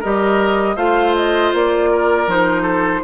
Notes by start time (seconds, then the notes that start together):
0.00 G3 G4 A#4 D#5
0.76 A3 F4 C5 F5
1.16 D#5
1.54 A#3 D5
1.92 A#4
2.28 F3 D#4 C5
2.63 A4